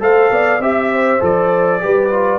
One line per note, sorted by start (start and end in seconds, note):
0.00 0.30 A3
0.00 0.60 A4
0.00 0.32 C5
0.00 0.62 F5
0.31 0.59 B3
0.31 0.61 D5
0.59 1.19 C4
0.59 1.20 G4
0.59 0.91 E5
0.59 1.22 E5
0.92 1.82 C5
1.20 1.82 F3
1.20 1.80 A4
1.20 2.39 D5
1.80 2.39 G3
1.80 2.10 G4
1.80 2.39 B4
2.10 2.39 F4